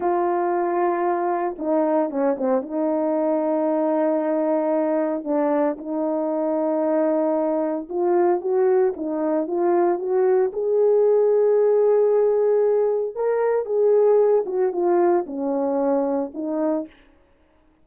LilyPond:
\new Staff \with { instrumentName = "horn" } { \time 4/4 \tempo 4 = 114 f'2. dis'4 | cis'8 c'8 dis'2.~ | dis'2 d'4 dis'4~ | dis'2. f'4 |
fis'4 dis'4 f'4 fis'4 | gis'1~ | gis'4 ais'4 gis'4. fis'8 | f'4 cis'2 dis'4 | }